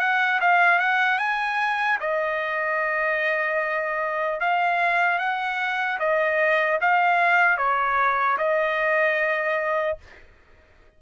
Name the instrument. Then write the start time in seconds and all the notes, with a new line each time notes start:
trumpet
0.00 F#5
0.41 F5
0.79 F#5
1.19 G#5
2.00 D#5
4.40 F5
5.19 F#5
6.00 D#5
6.81 F5
7.57 C#5
8.38 D#5